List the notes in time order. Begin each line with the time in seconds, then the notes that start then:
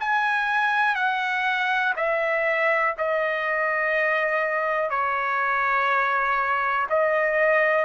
0.00 G#5
0.96 F#5
1.97 E5
2.98 D#5
4.90 C#5
6.90 D#5